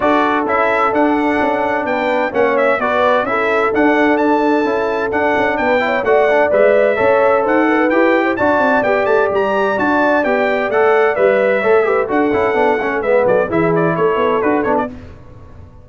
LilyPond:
<<
  \new Staff \with { instrumentName = "trumpet" } { \time 4/4 \tempo 4 = 129 d''4 e''4 fis''2 | g''4 fis''8 e''8 d''4 e''4 | fis''4 a''2 fis''4 | g''4 fis''4 e''2 |
fis''4 g''4 a''4 g''8 a''8 | ais''4 a''4 g''4 fis''4 | e''2 fis''2 | e''8 d''8 e''8 d''8 cis''4 b'8 cis''16 d''16 | }
  \new Staff \with { instrumentName = "horn" } { \time 4/4 a'1 | b'4 cis''4 b'4 a'4~ | a'1 | b'8 cis''8 d''2 cis''4 |
c''8 b'4~ b'16 c''16 d''2~ | d''1~ | d''4 cis''8 b'8 a'2 | b'8 a'8 gis'4 a'2 | }
  \new Staff \with { instrumentName = "trombone" } { \time 4/4 fis'4 e'4 d'2~ | d'4 cis'4 fis'4 e'4 | d'2 e'4 d'4~ | d'8 e'8 fis'8 d'8 b'4 a'4~ |
a'4 g'4 fis'4 g'4~ | g'4 fis'4 g'4 a'4 | b'4 a'8 g'8 fis'8 e'8 d'8 cis'8 | b4 e'2 fis'8 d'8 | }
  \new Staff \with { instrumentName = "tuba" } { \time 4/4 d'4 cis'4 d'4 cis'4 | b4 ais4 b4 cis'4 | d'2 cis'4 d'8 cis'8 | b4 a4 gis4 cis'4 |
dis'4 e'4 d'8 c'8 b8 a8 | g4 d'4 b4 a4 | g4 a4 d'8 cis'8 b8 a8 | gis8 fis8 e4 a8 b8 d'8 b8 | }
>>